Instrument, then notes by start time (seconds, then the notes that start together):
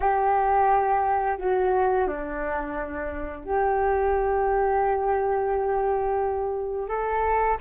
flute
0.00 G4
1.38 F#4
2.07 D4
3.44 G4
6.88 A4